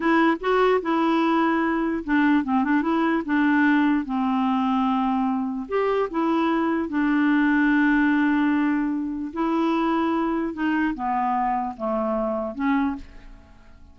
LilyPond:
\new Staff \with { instrumentName = "clarinet" } { \time 4/4 \tempo 4 = 148 e'4 fis'4 e'2~ | e'4 d'4 c'8 d'8 e'4 | d'2 c'2~ | c'2 g'4 e'4~ |
e'4 d'2.~ | d'2. e'4~ | e'2 dis'4 b4~ | b4 a2 cis'4 | }